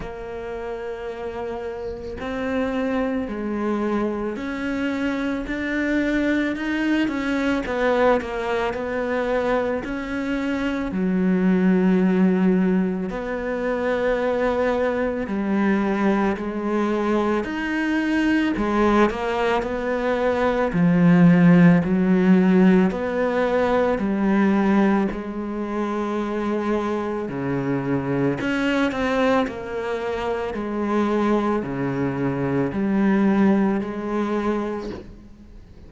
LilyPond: \new Staff \with { instrumentName = "cello" } { \time 4/4 \tempo 4 = 55 ais2 c'4 gis4 | cis'4 d'4 dis'8 cis'8 b8 ais8 | b4 cis'4 fis2 | b2 g4 gis4 |
dis'4 gis8 ais8 b4 f4 | fis4 b4 g4 gis4~ | gis4 cis4 cis'8 c'8 ais4 | gis4 cis4 g4 gis4 | }